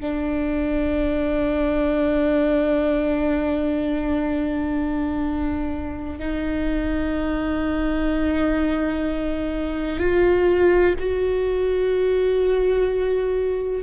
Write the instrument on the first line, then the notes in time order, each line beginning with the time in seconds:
viola
0.00 D4
6.19 D#4
9.99 F4
11.00 F#4